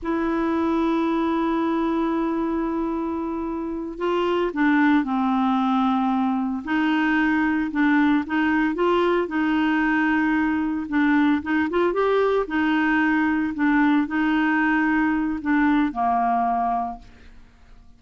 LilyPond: \new Staff \with { instrumentName = "clarinet" } { \time 4/4 \tempo 4 = 113 e'1~ | e'2.~ e'8 f'8~ | f'8 d'4 c'2~ c'8~ | c'8 dis'2 d'4 dis'8~ |
dis'8 f'4 dis'2~ dis'8~ | dis'8 d'4 dis'8 f'8 g'4 dis'8~ | dis'4. d'4 dis'4.~ | dis'4 d'4 ais2 | }